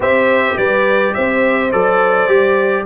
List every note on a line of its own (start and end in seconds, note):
0.00 0.56 C4
0.00 1.70 G4
0.00 0.56 C5
0.00 0.57 E5
0.57 1.14 G3
0.57 1.14 B4
0.57 1.14 D5
1.14 1.73 C4
1.14 2.85 C5
1.14 1.71 E5
1.71 2.27 F#3
1.71 2.28 A4
1.71 2.85 D5
2.27 2.84 G3
2.27 2.85 G4